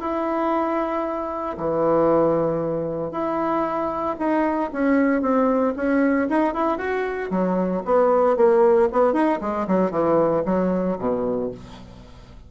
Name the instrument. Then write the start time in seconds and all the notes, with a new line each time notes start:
bassoon
0.00 E4
1.57 E3
3.11 E4
4.18 D#4
4.72 C#4
5.22 C4
5.76 C#4
6.29 D#4
6.53 E4
6.78 F#4
7.30 F#3
7.85 B3
8.36 A#3
8.92 B3
9.13 D#4
9.41 G#3
9.67 F#3
9.91 E3
10.45 F#3
10.98 B2